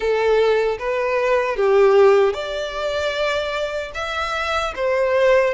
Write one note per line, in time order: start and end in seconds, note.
0.00 0.78 A4
0.78 1.56 B4
1.56 2.33 G4
2.33 3.91 D5
3.94 4.73 E5
4.75 5.54 C5